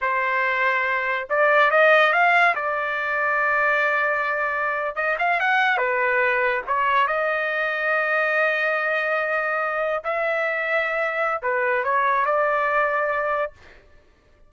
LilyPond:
\new Staff \with { instrumentName = "trumpet" } { \time 4/4 \tempo 4 = 142 c''2. d''4 | dis''4 f''4 d''2~ | d''2.~ d''8. dis''16~ | dis''16 f''8 fis''4 b'2 cis''16~ |
cis''8. dis''2.~ dis''16~ | dis''2.~ dis''8. e''16~ | e''2. b'4 | cis''4 d''2. | }